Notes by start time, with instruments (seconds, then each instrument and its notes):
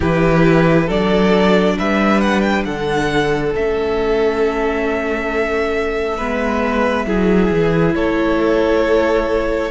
0.00 cello E3, viola E4, violin G4 B4
0.86 cello F#3, viola D4, violin A4 D5
1.78 cello G3, violin B4 E5
2.21 violin F#5
2.40 violin G5
2.64 cello D3, violin A4 F#5
3.55 cello A3, viola C#4, violin E5
6.17 cello G#3, viola B3, violin B4
7.06 cello F#3, viola E4, violin G#4
7.50 cello E3
7.95 cello A3, violin A4 C#5